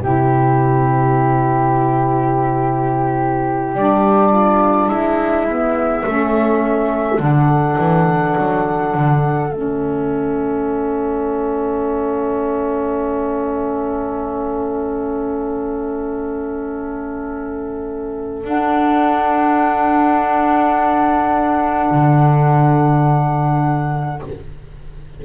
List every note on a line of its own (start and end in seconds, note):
0.00 3.75 C3
0.00 3.76 E4
0.00 4.31 G4
0.00 3.75 C5
3.75 4.88 G3
3.75 5.47 D4
3.75 4.88 D5
4.31 4.88 F4
4.88 6.04 G#3
4.88 6.03 E4
4.88 7.19 E5
5.47 6.05 B3
6.05 7.19 A3
6.05 7.18 C#4
6.05 24.22 A4
7.18 7.76 D3
7.18 9.49 D4
7.18 9.52 F#5
7.78 8.35 E3
8.37 8.94 F#3
8.94 9.50 D3
9.50 18.44 A3
9.50 18.43 C#4
9.50 18.47 E5
18.43 24.20 D4
18.43 21.90 D4
18.43 24.24 F#5
21.90 24.21 D3